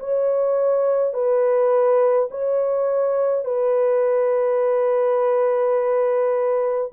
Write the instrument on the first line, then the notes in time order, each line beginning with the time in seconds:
horn
0.00 C#5
1.14 B4
2.31 C#5
3.46 B4